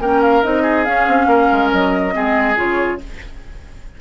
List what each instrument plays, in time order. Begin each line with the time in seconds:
0.00 bassoon A#3, clarinet C#4, oboe A#4, flute G5
0.22 flute F5
0.43 bassoon C4, clarinet D#4, flute D#5
0.62 oboe G#4
0.85 clarinet C#4, bassoon C#4, flute F5
1.07 bassoon C4
1.27 bassoon A#3, oboe A#4
1.52 bassoon G#3
1.72 bassoon F#3, flute D#5
2.13 bassoon G#3, clarinet C4, oboe G#4
2.56 bassoon C#3, clarinet F4, flute C#5